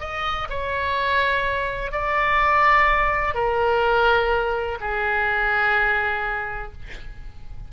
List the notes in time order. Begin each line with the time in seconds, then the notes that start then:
0.00 D#5
0.50 C#5
1.92 D5
3.34 A#4
4.80 G#4